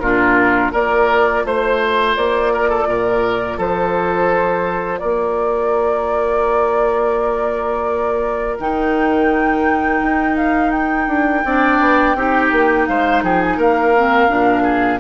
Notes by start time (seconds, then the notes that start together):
0.00 A#2 D4 F4 A#4
0.72 A#3 F4 A#4 D5
1.44 A3 C5
2.16 A#3 D5
2.53 A#4
2.69 A4
2.87 A#2 A#4
3.58 F3 A4 C5
4.99 A#3 A#4 D5
8.59 D#3 D#4 G5
10.02 D#4
10.37 F5
10.71 G5
11.08 D4
11.45 C4 D4 D5
11.80 B3
12.15 C4 D#4 G4
12.52 A#3
12.86 G#3 C5 F5
13.22 F3 G#4 G5
13.42 G#5
13.57 A#3 A#4 F5
13.96 C4
14.28 A#2 D4
14.63 G#4